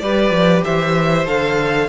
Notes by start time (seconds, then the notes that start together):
0.00 G3 G4 B4 D5
0.31 F3
0.64 E3 C5 E5
1.26 D3 A4 F5